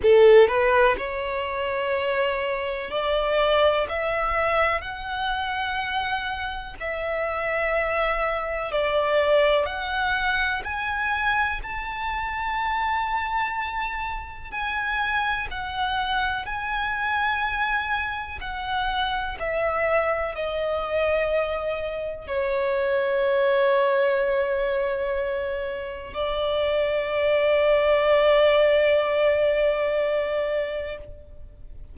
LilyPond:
\new Staff \with { instrumentName = "violin" } { \time 4/4 \tempo 4 = 62 a'8 b'8 cis''2 d''4 | e''4 fis''2 e''4~ | e''4 d''4 fis''4 gis''4 | a''2. gis''4 |
fis''4 gis''2 fis''4 | e''4 dis''2 cis''4~ | cis''2. d''4~ | d''1 | }